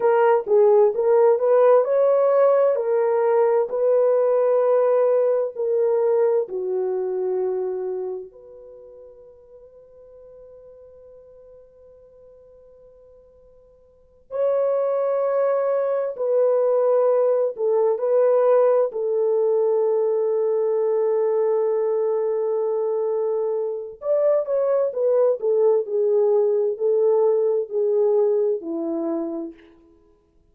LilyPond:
\new Staff \with { instrumentName = "horn" } { \time 4/4 \tempo 4 = 65 ais'8 gis'8 ais'8 b'8 cis''4 ais'4 | b'2 ais'4 fis'4~ | fis'4 b'2.~ | b'2.~ b'8 cis''8~ |
cis''4. b'4. a'8 b'8~ | b'8 a'2.~ a'8~ | a'2 d''8 cis''8 b'8 a'8 | gis'4 a'4 gis'4 e'4 | }